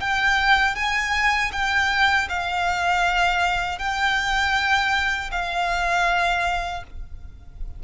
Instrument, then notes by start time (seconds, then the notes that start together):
violin
0.00 G5
0.75 G#5
1.52 G5
2.29 F5
3.78 G5
5.31 F5